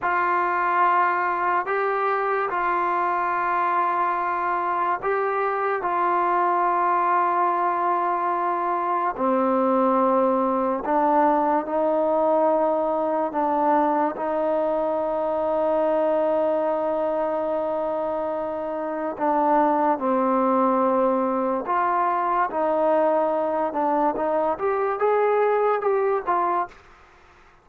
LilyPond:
\new Staff \with { instrumentName = "trombone" } { \time 4/4 \tempo 4 = 72 f'2 g'4 f'4~ | f'2 g'4 f'4~ | f'2. c'4~ | c'4 d'4 dis'2 |
d'4 dis'2.~ | dis'2. d'4 | c'2 f'4 dis'4~ | dis'8 d'8 dis'8 g'8 gis'4 g'8 f'8 | }